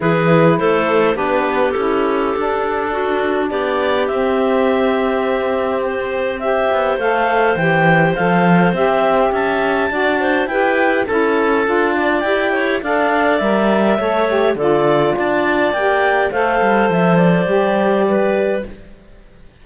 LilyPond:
<<
  \new Staff \with { instrumentName = "clarinet" } { \time 4/4 \tempo 4 = 103 b'4 c''4 b'4 a'4~ | a'2 d''4 e''4~ | e''2 c''4 e''4 | f''4 g''4 f''4 e''4 |
a''2 g''4 a''4~ | a''4 g''4 f''4 e''4~ | e''4 d''4 a''4 g''4 | f''4 e''8 d''2~ d''8 | }
  \new Staff \with { instrumentName = "clarinet" } { \time 4/4 gis'4 a'4 g'2~ | g'4 fis'4 g'2~ | g'2. c''4~ | c''1 |
e''4 d''8 c''8 b'4 a'4~ | a'8 d''4 cis''8 d''2 | cis''4 a'4 d''2 | c''2. b'4 | }
  \new Staff \with { instrumentName = "saxophone" } { \time 4/4 e'2 d'4 e'4 | d'2. c'4~ | c'2. g'4 | a'4 g'4 a'4 g'4~ |
g'4 fis'4 g'4 e'4 | f'4 g'4 a'4 ais'4 | a'8 g'8 f'2 g'4 | a'2 g'2 | }
  \new Staff \with { instrumentName = "cello" } { \time 4/4 e4 a4 b4 cis'4 | d'2 b4 c'4~ | c'2.~ c'8 b8 | a4 e4 f4 c'4 |
cis'4 d'4 e'4 cis'4 | d'4 e'4 d'4 g4 | a4 d4 d'4 ais4 | a8 g8 f4 g2 | }
>>